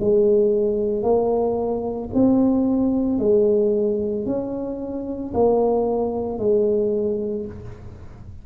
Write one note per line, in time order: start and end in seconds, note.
0.00 1.03 G#3
1.03 2.10 A#3
2.14 3.19 C4
3.19 4.26 G#3
4.26 5.33 C#4
5.34 6.39 A#3
6.39 7.46 G#3